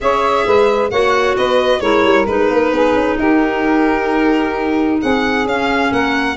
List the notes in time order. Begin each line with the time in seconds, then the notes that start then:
0.00 C#4 G#4 C#5 E5
0.46 G#3 B4
0.90 A#3 F#4 C#5 F#5
1.36 B3 B4 D#5
1.80 G#3 E4 A#4 C#5
2.03 G3
2.26 G#3 D#4 B4
2.50 A#3
2.72 B3 G#4
2.94 C#4
3.17 D#4 G4 A#4
5.00 C4 G#4 F#5
5.44 C#4 F5
5.91 A#3 A#4 F#5